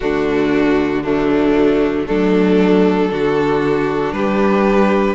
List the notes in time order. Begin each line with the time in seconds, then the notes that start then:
0.00 D3 A3 D4 F#4
1.03 F#3 A3 D4
2.05 F#3 A3 D4 A4
3.09 D3 D4 F#4
4.12 G3 G4 B4